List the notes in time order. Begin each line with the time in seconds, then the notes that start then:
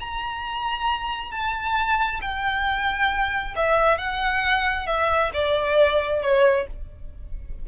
0.00 A#5
1.32 A5
2.22 G5
3.56 E5
3.98 F#5
4.87 E5
5.34 D5
6.22 C#5